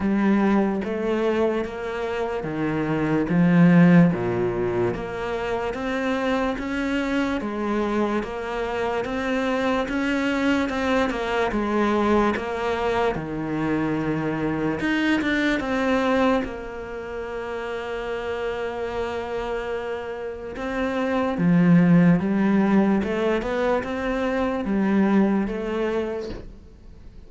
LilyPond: \new Staff \with { instrumentName = "cello" } { \time 4/4 \tempo 4 = 73 g4 a4 ais4 dis4 | f4 ais,4 ais4 c'4 | cis'4 gis4 ais4 c'4 | cis'4 c'8 ais8 gis4 ais4 |
dis2 dis'8 d'8 c'4 | ais1~ | ais4 c'4 f4 g4 | a8 b8 c'4 g4 a4 | }